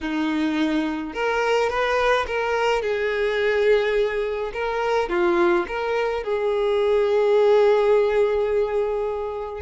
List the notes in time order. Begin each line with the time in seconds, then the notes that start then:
0.01 D#4
1.13 A#4
1.69 B4
2.26 A#4
2.82 G#4
4.53 A#4
5.09 F4
5.67 A#4
6.23 G#4